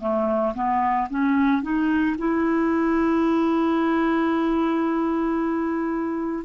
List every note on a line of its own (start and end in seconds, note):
0.00 0.54 A3
0.55 1.08 B3
1.10 1.63 C#4
1.63 2.16 D#4
2.18 6.45 E4